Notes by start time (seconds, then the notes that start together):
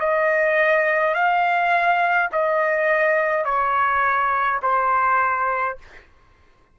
0.00 D#5
1.14 F5
2.32 D#5
3.45 C#5
4.63 C5